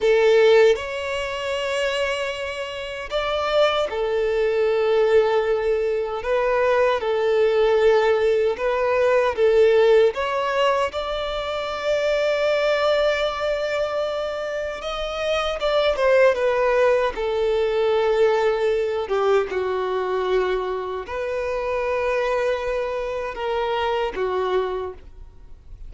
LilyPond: \new Staff \with { instrumentName = "violin" } { \time 4/4 \tempo 4 = 77 a'4 cis''2. | d''4 a'2. | b'4 a'2 b'4 | a'4 cis''4 d''2~ |
d''2. dis''4 | d''8 c''8 b'4 a'2~ | a'8 g'8 fis'2 b'4~ | b'2 ais'4 fis'4 | }